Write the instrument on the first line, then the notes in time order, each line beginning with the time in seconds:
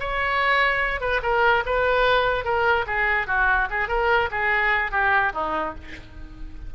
oboe
0.00 C#5
1.00 B4
1.23 A#4
1.66 B4
2.45 A#4
2.87 G#4
3.27 F#4
3.70 G#4
3.88 A#4
4.31 G#4
4.92 G4
5.34 D#4